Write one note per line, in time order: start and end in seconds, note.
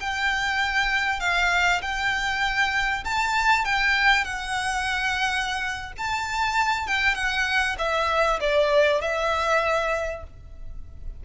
0.00 1.20 G5
1.20 1.81 F5
1.82 3.04 G5
3.04 3.65 A5
3.65 4.24 G5
4.24 5.92 F#5
5.97 6.87 A5
6.87 7.15 G5
7.15 7.76 F#5
7.78 8.40 E5
8.40 9.01 D5
9.01 10.24 E5